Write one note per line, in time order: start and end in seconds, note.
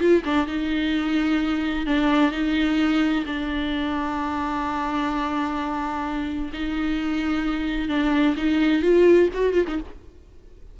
0.00 0.23 F4
0.25 0.47 D4
0.47 1.86 D#4
1.86 2.32 D4
2.32 3.25 D#4
3.26 6.51 D4
6.53 7.89 D#4
7.89 8.35 D4
8.37 8.82 D#4
8.82 9.29 F4
9.34 9.53 F#4
9.53 9.65 F4
9.68 9.79 D#4